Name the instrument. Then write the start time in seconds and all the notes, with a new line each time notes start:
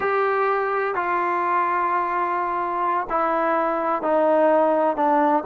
trombone
0.00 G4
0.94 F4
3.09 E4
4.02 D#4
4.96 D4